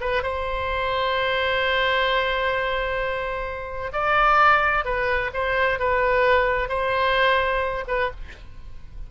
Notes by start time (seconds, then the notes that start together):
0.00 B4
0.22 C5
3.93 D5
4.84 B4
5.33 C5
5.79 B4
6.69 C5
7.87 B4